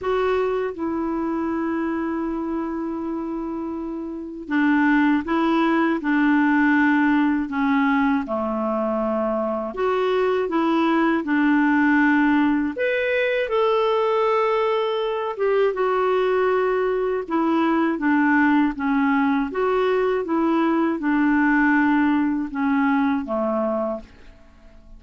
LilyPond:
\new Staff \with { instrumentName = "clarinet" } { \time 4/4 \tempo 4 = 80 fis'4 e'2.~ | e'2 d'4 e'4 | d'2 cis'4 a4~ | a4 fis'4 e'4 d'4~ |
d'4 b'4 a'2~ | a'8 g'8 fis'2 e'4 | d'4 cis'4 fis'4 e'4 | d'2 cis'4 a4 | }